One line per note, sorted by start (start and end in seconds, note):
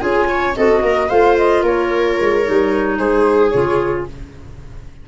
0.00 0.56 C#4
0.00 0.54 F4
0.00 0.29 G#4
0.00 0.54 G#5
0.30 0.57 C#5
0.56 0.83 C4
0.56 1.10 F#4
0.56 0.84 A4
0.56 1.10 D#5
0.83 1.10 A#3
0.83 1.09 A#4
1.09 1.63 A3
1.09 2.44 F4
1.09 1.63 C5
1.09 1.37 F5
1.37 1.65 D#5
1.63 2.17 A#3
1.63 2.98 A#4
1.63 2.98 C#5
2.20 2.48 G#3
2.44 2.99 G3
2.44 3.52 D#4
2.98 3.53 G#3
2.98 4.07 G#4
2.98 3.50 C5
3.50 4.09 C#3
3.50 4.08 F4
3.50 4.04 C#5